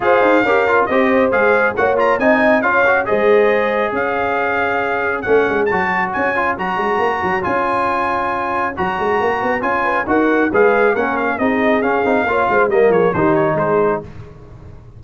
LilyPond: <<
  \new Staff \with { instrumentName = "trumpet" } { \time 4/4 \tempo 4 = 137 f''2 dis''4 f''4 | fis''8 ais''8 gis''4 f''4 dis''4~ | dis''4 f''2. | fis''4 a''4 gis''4 ais''4~ |
ais''4 gis''2. | ais''2 gis''4 fis''4 | f''4 fis''8 f''8 dis''4 f''4~ | f''4 dis''8 cis''8 c''8 cis''8 c''4 | }
  \new Staff \with { instrumentName = "horn" } { \time 4/4 c''4 ais'4 c''2 | cis''4 dis''4 cis''4 c''4~ | c''4 cis''2.~ | cis''1~ |
cis''1~ | cis''2~ cis''8 b'8 ais'4 | b'4 ais'4 gis'2 | cis''8 c''8 ais'8 gis'8 g'4 gis'4 | }
  \new Staff \with { instrumentName = "trombone" } { \time 4/4 gis'4 g'8 f'8 g'4 gis'4 | fis'8 f'8 dis'4 f'8 fis'8 gis'4~ | gis'1 | cis'4 fis'4. f'8 fis'4~ |
fis'4 f'2. | fis'2 f'4 fis'4 | gis'4 cis'4 dis'4 cis'8 dis'8 | f'4 ais4 dis'2 | }
  \new Staff \with { instrumentName = "tuba" } { \time 4/4 f'8 dis'8 cis'4 c'4 gis4 | ais4 c'4 cis'4 gis4~ | gis4 cis'2. | a8 gis8 fis4 cis'4 fis8 gis8 |
ais8 fis8 cis'2. | fis8 gis8 ais8 b8 cis'4 dis'4 | gis4 ais4 c'4 cis'8 c'8 | ais8 gis8 g8 f8 dis4 gis4 | }
>>